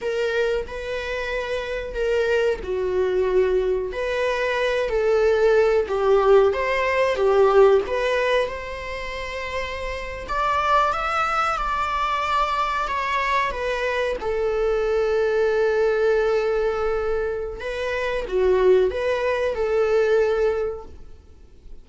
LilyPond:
\new Staff \with { instrumentName = "viola" } { \time 4/4 \tempo 4 = 92 ais'4 b'2 ais'4 | fis'2 b'4. a'8~ | a'4 g'4 c''4 g'4 | b'4 c''2~ c''8. d''16~ |
d''8. e''4 d''2 cis''16~ | cis''8. b'4 a'2~ a'16~ | a'2. b'4 | fis'4 b'4 a'2 | }